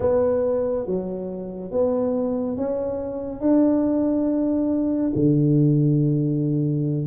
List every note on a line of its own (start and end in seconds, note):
0.00 0.86 B3
0.86 1.71 F#3
1.71 2.56 B3
2.56 3.40 C#4
3.40 5.12 D4
5.15 7.06 D3